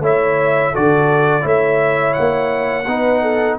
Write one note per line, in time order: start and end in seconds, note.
0.00 0.71 A3
0.00 0.74 E4
0.00 0.72 C#5
0.00 0.75 E5
0.72 1.43 D3
0.72 1.41 F#4
0.72 1.42 A4
0.72 1.46 D5
1.41 2.15 A3
1.41 2.84 E4
1.41 2.85 C#5
1.47 2.13 E5
2.13 2.87 A#3
2.13 3.56 F#5
2.87 3.58 B3
2.87 3.58 D#4
2.87 3.22 B4
3.22 3.57 A4